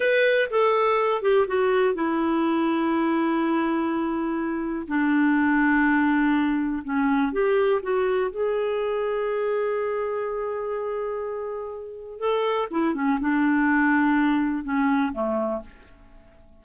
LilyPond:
\new Staff \with { instrumentName = "clarinet" } { \time 4/4 \tempo 4 = 123 b'4 a'4. g'8 fis'4 | e'1~ | e'2 d'2~ | d'2 cis'4 g'4 |
fis'4 gis'2.~ | gis'1~ | gis'4 a'4 e'8 cis'8 d'4~ | d'2 cis'4 a4 | }